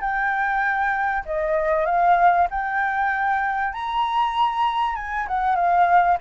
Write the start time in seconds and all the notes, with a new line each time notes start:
0.00 G5
1.25 D#5
1.85 F5
2.50 G5
3.73 A#5
4.95 G#5
5.27 F#5
5.55 F5